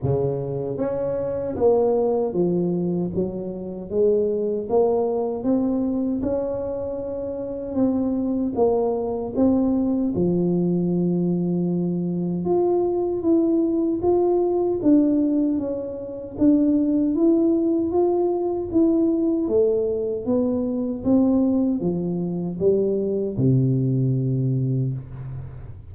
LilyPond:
\new Staff \with { instrumentName = "tuba" } { \time 4/4 \tempo 4 = 77 cis4 cis'4 ais4 f4 | fis4 gis4 ais4 c'4 | cis'2 c'4 ais4 | c'4 f2. |
f'4 e'4 f'4 d'4 | cis'4 d'4 e'4 f'4 | e'4 a4 b4 c'4 | f4 g4 c2 | }